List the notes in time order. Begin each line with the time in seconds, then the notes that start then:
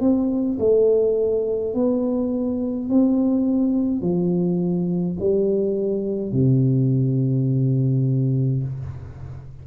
0.00 C4
0.59 A3
1.74 B3
2.89 C4
4.01 F3
5.19 G3
6.32 C3